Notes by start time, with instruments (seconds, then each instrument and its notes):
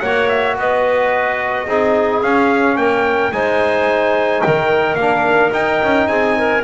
0.00 double bass A#3, trombone F#4, clarinet C#5, trumpet F#5
0.28 trumpet E5
0.56 double bass B3, clarinet B4, trumpet D#5
1.67 double bass C4, trombone D#4, clarinet G#4
2.22 double bass C#4, trombone C#4, trumpet F5
2.76 double bass A#3, clarinet A#4, trumpet G5
3.32 double bass G#3, trombone D#4, clarinet C5, trumpet G#5
4.41 double bass D#3, clarinet A#4, trumpet G5
4.95 double bass A#3, trombone D4, trumpet F5
5.51 trombone D#4, double bass D#4, trumpet G5
5.83 double bass C#4
6.07 double bass C4, clarinet G#4, trumpet G#5
6.37 clarinet A#4